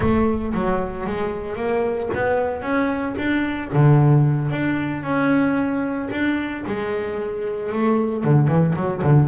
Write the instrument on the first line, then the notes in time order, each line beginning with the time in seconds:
double bass
0.00 A3
0.54 F#3
1.06 G#3
1.56 A#3
2.14 B3
2.62 C#4
3.17 D4
3.72 D3
4.50 D4
5.02 C#4
6.11 D4
6.66 G#3
7.72 A3
8.23 D3
8.47 E3
8.75 F#3
9.03 D3